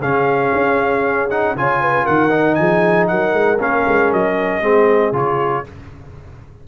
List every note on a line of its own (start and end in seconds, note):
0.00 0.51 C#3
0.00 1.30 C#4
0.00 1.55 G#4
0.00 1.30 F5
0.54 1.55 C#4
1.30 1.56 D#4
1.30 1.56 F#5
1.55 2.07 C#3
1.55 2.30 F4
1.55 1.81 C#5
1.55 2.06 G#5
1.81 2.04 B4
2.04 2.60 D#3
2.04 2.56 A#4
2.04 2.55 F#5
2.30 3.58 D#4
2.55 3.11 F3
2.55 3.10 G#4
2.55 3.06 G#5
3.08 3.34 F#3
3.08 4.64 A#4
3.08 3.59 F#5
3.34 3.59 G#3
3.59 3.85 A#3
3.59 4.62 C#4
3.59 4.13 F5
3.88 4.12 G#3
4.12 4.62 F#3
4.12 5.15 D#5
4.62 5.12 G#3
4.62 5.13 C4
4.62 5.66 G#4
5.12 5.64 C#3
5.12 5.64 F4
5.12 5.68 C#5